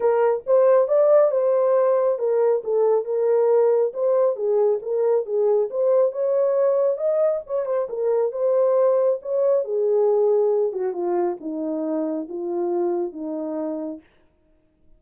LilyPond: \new Staff \with { instrumentName = "horn" } { \time 4/4 \tempo 4 = 137 ais'4 c''4 d''4 c''4~ | c''4 ais'4 a'4 ais'4~ | ais'4 c''4 gis'4 ais'4 | gis'4 c''4 cis''2 |
dis''4 cis''8 c''8 ais'4 c''4~ | c''4 cis''4 gis'2~ | gis'8 fis'8 f'4 dis'2 | f'2 dis'2 | }